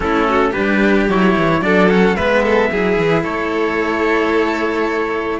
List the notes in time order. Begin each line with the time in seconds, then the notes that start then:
0.00 A3 C#4 E4 A4
0.29 F#4
0.50 D4 G4 B4
0.56 G3
1.08 F#3 E4 C#5
1.36 E3
1.61 F#3 D4 A4 D5
1.89 C#4 F#5
2.15 G#3 B3 B4 E5
2.43 A4
2.70 F#3 E4 G#4
2.97 E3
3.23 A3 A4 C#5